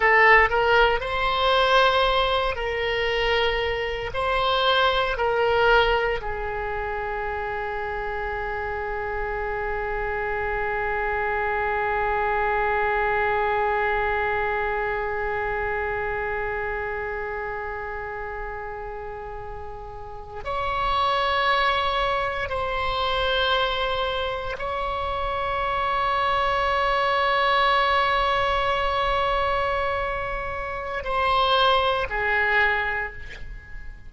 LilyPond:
\new Staff \with { instrumentName = "oboe" } { \time 4/4 \tempo 4 = 58 a'8 ais'8 c''4. ais'4. | c''4 ais'4 gis'2~ | gis'1~ | gis'1~ |
gis'2.~ gis'8. cis''16~ | cis''4.~ cis''16 c''2 cis''16~ | cis''1~ | cis''2 c''4 gis'4 | }